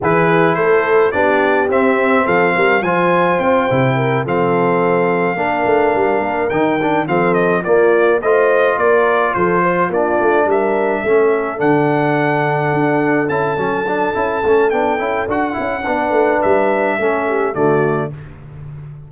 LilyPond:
<<
  \new Staff \with { instrumentName = "trumpet" } { \time 4/4 \tempo 4 = 106 b'4 c''4 d''4 e''4 | f''4 gis''4 g''4. f''8~ | f''2.~ f''8 g''8~ | g''8 f''8 dis''8 d''4 dis''4 d''8~ |
d''8 c''4 d''4 e''4.~ | e''8 fis''2. a''8~ | a''2 g''4 fis''4~ | fis''4 e''2 d''4 | }
  \new Staff \with { instrumentName = "horn" } { \time 4/4 gis'4 a'4 g'2 | a'8 ais'8 c''2 ais'8 a'8~ | a'4. ais'2~ ais'8~ | ais'8 a'4 f'4 c''4 ais'8~ |
ais'8 a'8 c''8 f'4 ais'4 a'8~ | a'1~ | a'1 | b'2 a'8 g'8 fis'4 | }
  \new Staff \with { instrumentName = "trombone" } { \time 4/4 e'2 d'4 c'4~ | c'4 f'4. e'4 c'8~ | c'4. d'2 dis'8 | d'8 c'4 ais4 f'4.~ |
f'4. d'2 cis'8~ | cis'8 d'2. e'8 | cis'8 d'8 e'8 cis'8 d'8 e'8 fis'8 e'8 | d'2 cis'4 a4 | }
  \new Staff \with { instrumentName = "tuba" } { \time 4/4 e4 a4 b4 c'4 | f8 g8 f4 c'8 c4 f8~ | f4. ais8 a8 g8 ais8 dis8~ | dis8 f4 ais4 a4 ais8~ |
ais8 f4 ais8 a8 g4 a8~ | a8 d2 d'4 cis'8 | fis4 cis'8 a8 b8 cis'8 d'8 cis'8 | b8 a8 g4 a4 d4 | }
>>